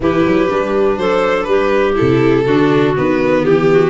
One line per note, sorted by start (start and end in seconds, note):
0.00 0.25 E3
0.00 0.49 E4
0.00 0.99 G4
0.00 0.97 B4
0.25 0.49 F#3
0.49 0.97 G3
0.49 1.94 D4
0.97 1.46 F#3
0.97 1.48 A4
0.97 1.43 C5
1.43 1.96 G3
1.43 1.92 B4
1.49 2.44 G4
1.94 2.43 E4
1.94 2.95 A4
2.00 2.47 C3
2.44 2.96 D3
2.44 2.95 D4
2.44 3.43 F#4
2.95 3.45 D#3
2.95 3.90 B3
2.95 3.45 B4
3.43 3.90 E3
3.43 3.67 G4
3.43 3.90 G4
3.70 3.90 F#4